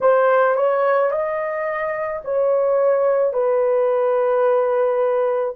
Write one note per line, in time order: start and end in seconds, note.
0.01 0.55 C5
0.55 1.11 C#5
1.11 2.22 D#5
2.24 3.33 C#5
3.33 5.55 B4